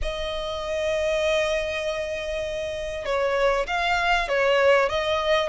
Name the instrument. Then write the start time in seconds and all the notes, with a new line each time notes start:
violin
0.02 D#5
3.05 C#5
3.67 F5
4.28 C#5
4.89 D#5